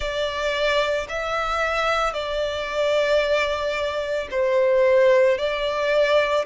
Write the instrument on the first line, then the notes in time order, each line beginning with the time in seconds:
violin
0.00 D5
1.09 E5
2.13 D5
4.31 C5
5.38 D5